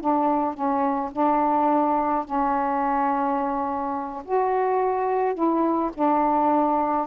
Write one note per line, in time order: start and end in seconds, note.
0.00 0.54 D4
0.54 1.10 C#4
1.12 2.25 D4
2.25 4.23 C#4
4.25 5.34 F#4
5.34 5.91 E4
5.94 7.07 D4